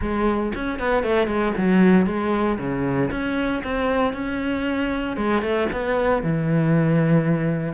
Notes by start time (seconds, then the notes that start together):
0.01 G#3
0.55 C#4
0.79 B3
1.03 A3
1.27 G#3
1.57 F#3
2.06 G#3
2.58 C#3
3.10 C#4
3.63 C4
4.13 C#4
5.16 G#3
5.41 A3
5.72 B3
6.22 E3